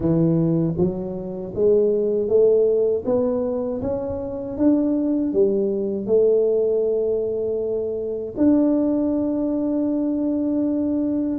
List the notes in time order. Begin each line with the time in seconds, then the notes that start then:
0.00 E3
0.77 F#3
1.54 G#3
2.28 A3
3.05 B3
3.81 C#4
4.57 D4
5.32 G3
6.06 A3
8.37 D4